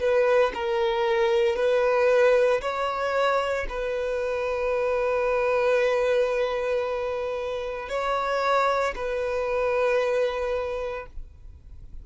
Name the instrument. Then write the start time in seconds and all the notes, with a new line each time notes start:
violin
0.00 B4
0.55 A#4
1.56 B4
2.62 C#5
3.69 B4
7.89 C#5
8.96 B4